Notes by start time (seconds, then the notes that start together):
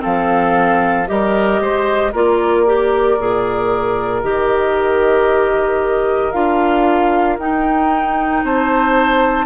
0.00 F3 C4 A4 F5
1.07 G3 G4 A#4 D#5
1.60 G#3 C5
2.12 A#3 F4 A#4 D5
2.66 G4
3.19 A#2 G#4
4.22 D#3 G4 D#5
6.32 D4 F4 F5
7.38 D#4 G5
8.43 C4 C5 A5